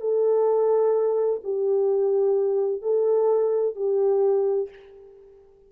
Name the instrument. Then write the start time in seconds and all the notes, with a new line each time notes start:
horn
0.00 A4
1.43 G4
2.82 A4
3.75 G4